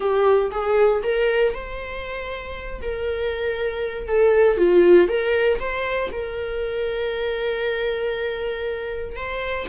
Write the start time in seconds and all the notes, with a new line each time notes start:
0.00 G4
0.51 G#4
1.03 A#4
1.54 C5
2.81 A#4
4.08 A4
4.57 F4
5.08 A#4
5.59 C5
6.12 A#4
9.15 C5